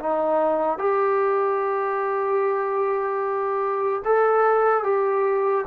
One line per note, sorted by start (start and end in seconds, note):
0.00 0.79 D#4
0.79 4.03 G4
4.05 4.84 A4
4.84 5.65 G4